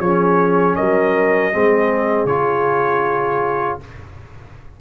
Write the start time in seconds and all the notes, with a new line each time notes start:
0.00 F3 C#4 G#4 C#5
0.76 F#3 A#4 D#5
1.53 G#3 C4 G#4
2.26 C#3 F4 C#5